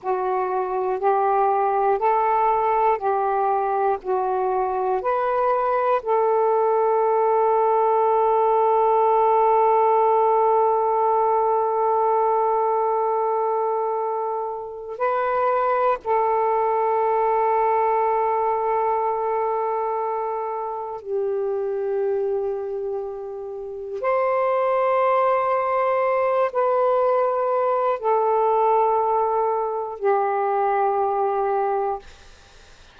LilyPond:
\new Staff \with { instrumentName = "saxophone" } { \time 4/4 \tempo 4 = 60 fis'4 g'4 a'4 g'4 | fis'4 b'4 a'2~ | a'1~ | a'2. b'4 |
a'1~ | a'4 g'2. | c''2~ c''8 b'4. | a'2 g'2 | }